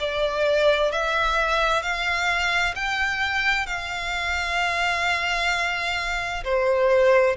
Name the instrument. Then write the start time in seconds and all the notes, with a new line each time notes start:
violin
0.00 D5
0.91 E5
1.83 F5
2.75 G5
3.67 F5
6.44 C5